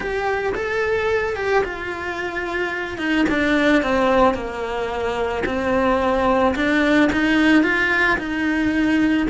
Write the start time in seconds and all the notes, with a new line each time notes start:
0.00 G4
0.55 A4
1.36 G4
1.64 F4
2.98 D#4
3.29 D4
3.82 C4
4.34 A#3
5.45 C4
6.55 D4
7.12 D#4
7.63 F4
8.18 D#4